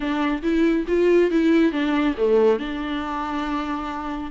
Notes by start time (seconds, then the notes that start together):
0.00 D4
0.42 E4
0.87 F4
1.30 E4
1.72 D4
2.17 A3
2.59 D4